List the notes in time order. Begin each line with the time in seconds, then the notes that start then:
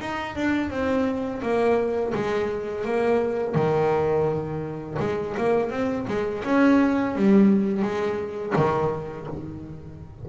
0.00 D#4
0.36 D4
0.70 C4
1.42 A#3
2.15 G#3
2.85 A#3
3.55 D#3
5.00 G#3
5.37 A#3
5.70 C4
6.08 G#3
6.44 C#4
7.16 G3
7.82 G#3
8.56 D#3